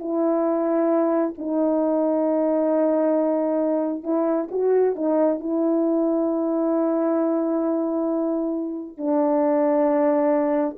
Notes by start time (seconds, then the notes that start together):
0.00 E4
1.38 D#4
4.04 E4
4.51 F#4
4.96 D#4
5.40 E4
8.98 D4